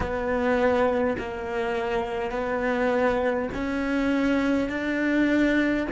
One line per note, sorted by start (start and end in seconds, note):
0.00 1.16 B3
1.18 2.30 A#3
2.30 3.48 B3
3.53 4.69 C#4
4.69 5.87 D4